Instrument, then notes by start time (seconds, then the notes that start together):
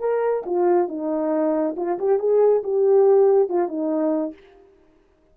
horn
0.00 A#4
0.46 F4
0.89 D#4
1.77 F4
1.99 G4
2.19 G#4
2.64 G4
3.49 F4
3.68 D#4